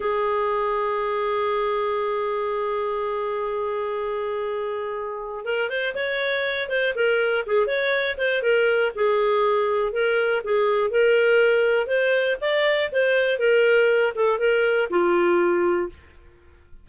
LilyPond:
\new Staff \with { instrumentName = "clarinet" } { \time 4/4 \tempo 4 = 121 gis'1~ | gis'1~ | gis'2. ais'8 c''8 | cis''4. c''8 ais'4 gis'8 cis''8~ |
cis''8 c''8 ais'4 gis'2 | ais'4 gis'4 ais'2 | c''4 d''4 c''4 ais'4~ | ais'8 a'8 ais'4 f'2 | }